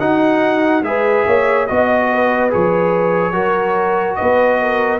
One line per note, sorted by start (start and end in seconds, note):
0.00 0.83 D#4
0.00 0.83 F#4
0.00 0.83 F#5
0.83 1.24 G#3
0.83 1.68 G#4
0.83 1.27 B4
0.83 1.67 E5
1.27 1.69 A#3
1.27 1.69 C#5
1.67 2.54 B3
1.67 2.50 F#4
1.67 2.50 D#5
1.67 2.11 D#5
2.13 3.34 B4
2.50 3.33 F3
2.50 3.33 G#4
2.50 4.16 C#5
3.33 4.17 F#3
3.33 4.99 F#4
3.33 4.17 A#4
4.16 5.00 B3
4.16 4.60 B4
4.16 4.99 D#5
4.61 5.00 A#4